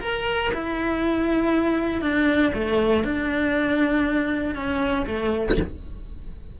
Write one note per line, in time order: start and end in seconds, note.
0.00 0.51 A#4
0.54 2.01 E4
2.01 2.52 D4
2.54 3.04 A3
3.04 4.55 D4
4.55 5.05 C#4
5.06 5.57 A3